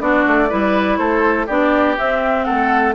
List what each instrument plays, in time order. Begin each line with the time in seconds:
0.00 bassoon B3, clarinet D4, oboe F#4, flute D5
0.27 bassoon A3
0.49 bassoon G3, clarinet E4, oboe B4
0.97 bassoon A3, oboe A4, flute C5
1.46 bassoon B3, clarinet D4, oboe G4, flute D5
1.98 clarinet C4, bassoon C4, flute E5
2.44 bassoon A3, oboe A4, flute F#5